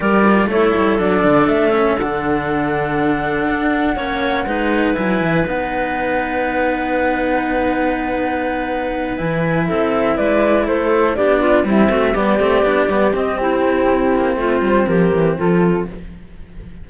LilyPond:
<<
  \new Staff \with { instrumentName = "flute" } { \time 4/4 \tempo 4 = 121 d''4 cis''4 d''4 e''4 | fis''1~ | fis''2 gis''4 fis''4~ | fis''1~ |
fis''2~ fis''8 gis''4 e''8~ | e''8 d''4 c''4 d''4 e''8~ | e''8 d''2 dis''8 g'4~ | g'4 c''4 ais'4 a'4 | }
  \new Staff \with { instrumentName = "clarinet" } { \time 4/4 ais'4 a'2.~ | a'1 | cis''4 b'2.~ | b'1~ |
b'2.~ b'8 a'8~ | a'8 b'4 a'4 g'8 f'8 e'8 | fis'8 g'2~ g'8 e'4~ | e'4 f'4 g'4 f'4 | }
  \new Staff \with { instrumentName = "cello" } { \time 4/4 g'8 f'8 e'4 d'4. cis'8 | d'1 | cis'4 dis'4 e'4 dis'4~ | dis'1~ |
dis'2~ dis'8 e'4.~ | e'2~ e'8 d'4 g8 | a8 b8 c'8 d'8 b8 c'4.~ | c'1 | }
  \new Staff \with { instrumentName = "cello" } { \time 4/4 g4 a8 g8 fis8 d8 a4 | d2. d'4 | ais4 gis4 fis8 e8 b4~ | b1~ |
b2~ b8 e4 c'8~ | c'8 gis4 a4 b4 c'8~ | c'8 g8 a8 b8 g8 c'4.~ | c'8 ais8 a8 g8 f8 e8 f4 | }
>>